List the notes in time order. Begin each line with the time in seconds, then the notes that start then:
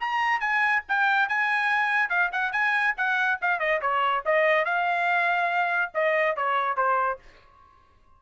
0.00 A#5
0.40 G#5
0.89 G5
1.29 G#5
2.09 F5
2.32 F#5
2.52 G#5
2.97 F#5
3.41 F5
3.59 D#5
3.81 C#5
4.25 D#5
4.65 F5
5.94 D#5
6.36 C#5
6.76 C5